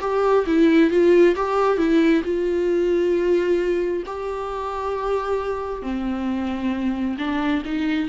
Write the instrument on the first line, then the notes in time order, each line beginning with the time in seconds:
viola
0.00 G4
0.46 E4
0.90 F4
1.35 G4
1.77 E4
2.23 F4
4.05 G4
5.82 C4
7.18 D4
7.65 D#4